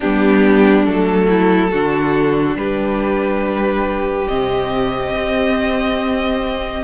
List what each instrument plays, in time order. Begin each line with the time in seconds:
0.00 cello G3, viola B3, violin D4 G4
0.84 cello F#3, viola A3, violin A4
1.28 violin E4
1.71 cello D3, viola D4, violin F#4
2.56 cello G3, violin G4 B4
4.28 cello C3, viola C4, violin D#5
5.14 cello C4